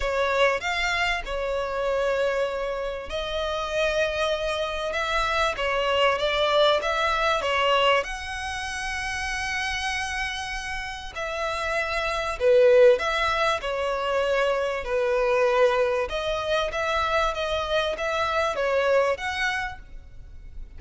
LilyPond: \new Staff \with { instrumentName = "violin" } { \time 4/4 \tempo 4 = 97 cis''4 f''4 cis''2~ | cis''4 dis''2. | e''4 cis''4 d''4 e''4 | cis''4 fis''2.~ |
fis''2 e''2 | b'4 e''4 cis''2 | b'2 dis''4 e''4 | dis''4 e''4 cis''4 fis''4 | }